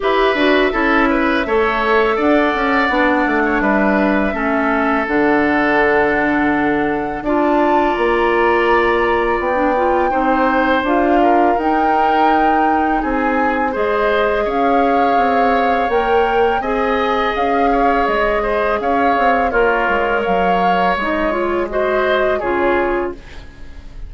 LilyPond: <<
  \new Staff \with { instrumentName = "flute" } { \time 4/4 \tempo 4 = 83 e''2. fis''4~ | fis''4 e''2 fis''4~ | fis''2 a''4 ais''4~ | ais''4 g''2 f''4 |
g''2 gis''4 dis''4 | f''2 g''4 gis''4 | f''4 dis''4 f''4 cis''4 | f''4 dis''8 cis''8 dis''4 cis''4 | }
  \new Staff \with { instrumentName = "oboe" } { \time 4/4 b'4 a'8 b'8 cis''4 d''4~ | d''8. cis''16 b'4 a'2~ | a'2 d''2~ | d''2 c''4. ais'8~ |
ais'2 gis'4 c''4 | cis''2. dis''4~ | dis''8 cis''4 c''8 cis''4 f'4 | cis''2 c''4 gis'4 | }
  \new Staff \with { instrumentName = "clarinet" } { \time 4/4 g'8 fis'8 e'4 a'2 | d'2 cis'4 d'4~ | d'2 f'2~ | f'4~ f'16 d'16 f'8 dis'4 f'4 |
dis'2. gis'4~ | gis'2 ais'4 gis'4~ | gis'2. ais'4~ | ais'4 dis'8 f'8 fis'4 f'4 | }
  \new Staff \with { instrumentName = "bassoon" } { \time 4/4 e'8 d'8 cis'4 a4 d'8 cis'8 | b8 a8 g4 a4 d4~ | d2 d'4 ais4~ | ais4 b4 c'4 d'4 |
dis'2 c'4 gis4 | cis'4 c'4 ais4 c'4 | cis'4 gis4 cis'8 c'8 ais8 gis8 | fis4 gis2 cis4 | }
>>